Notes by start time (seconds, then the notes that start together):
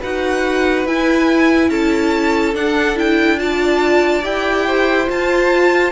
0.00 D#4 F#4 B4 F#5
0.85 E4 G#5
1.70 C#4 A4 A5
2.54 D4 F#5
2.95 E4 G5
3.37 F4 D5 A5
4.22 E4 G4 G5
4.66 C5
5.06 F4 A5